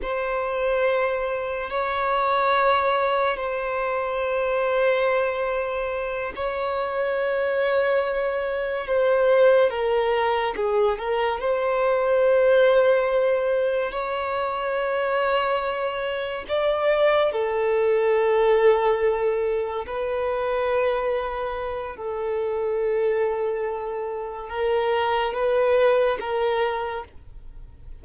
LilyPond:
\new Staff \with { instrumentName = "violin" } { \time 4/4 \tempo 4 = 71 c''2 cis''2 | c''2.~ c''8 cis''8~ | cis''2~ cis''8 c''4 ais'8~ | ais'8 gis'8 ais'8 c''2~ c''8~ |
c''8 cis''2. d''8~ | d''8 a'2. b'8~ | b'2 a'2~ | a'4 ais'4 b'4 ais'4 | }